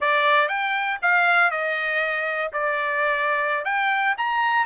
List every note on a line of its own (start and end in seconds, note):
0.00 0.48 D5
0.48 0.98 G5
1.02 1.51 F5
1.51 2.51 D#5
2.52 3.64 D5
3.64 4.15 G5
4.17 4.65 A#5